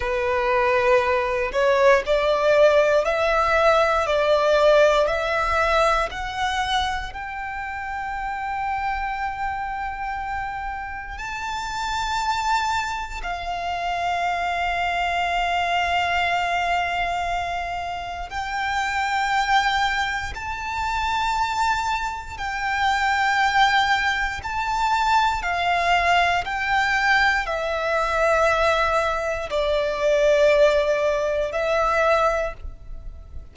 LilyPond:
\new Staff \with { instrumentName = "violin" } { \time 4/4 \tempo 4 = 59 b'4. cis''8 d''4 e''4 | d''4 e''4 fis''4 g''4~ | g''2. a''4~ | a''4 f''2.~ |
f''2 g''2 | a''2 g''2 | a''4 f''4 g''4 e''4~ | e''4 d''2 e''4 | }